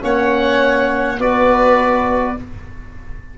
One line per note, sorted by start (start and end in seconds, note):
0.00 1.19 A#3
0.00 1.18 C#4
0.00 1.19 C#5
0.00 1.20 F#5
1.19 2.36 B3
1.19 2.36 F#4
1.19 2.37 B4
1.19 2.38 D5